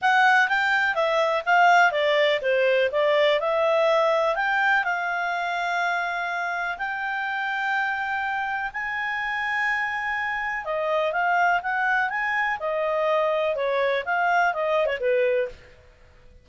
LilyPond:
\new Staff \with { instrumentName = "clarinet" } { \time 4/4 \tempo 4 = 124 fis''4 g''4 e''4 f''4 | d''4 c''4 d''4 e''4~ | e''4 g''4 f''2~ | f''2 g''2~ |
g''2 gis''2~ | gis''2 dis''4 f''4 | fis''4 gis''4 dis''2 | cis''4 f''4 dis''8. cis''16 b'4 | }